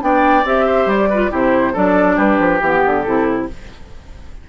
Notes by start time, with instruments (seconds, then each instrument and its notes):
0.00 bassoon B3, clarinet D4, oboe D5, flute G5
0.44 bassoon C4, clarinet G4, flute E5
0.66 oboe C5
0.86 bassoon G3, flute D5
1.09 clarinet F4, oboe B4
1.30 bassoon C3, clarinet E4, oboe G4, flute C5
1.73 bassoon F#3, clarinet D4, oboe A4, flute D5
2.16 bassoon G3, oboe G4, flute B4
2.39 bassoon F3
2.60 bassoon E3, clarinet B3, flute G4
2.86 bassoon D3
3.01 bassoon C3, clarinet E4, flute A4